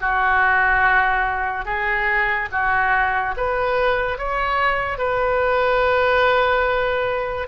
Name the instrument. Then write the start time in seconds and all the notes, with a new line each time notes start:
oboe
0.00 F#4
1.65 G#4
2.51 F#4
3.36 B4
4.18 C#5
4.98 B4